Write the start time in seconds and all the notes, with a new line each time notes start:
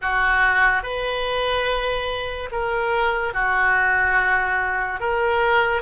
0.02 F#4
0.83 B4
2.51 A#4
3.33 F#4
5.00 A#4